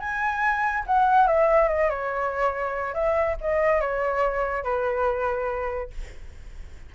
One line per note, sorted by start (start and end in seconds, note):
0.00 0.85 G#5
0.87 1.27 F#5
1.27 1.69 E5
1.69 1.90 D#5
1.90 2.94 C#5
2.94 3.37 E5
3.41 3.81 D#5
3.81 4.64 C#5
4.64 5.91 B4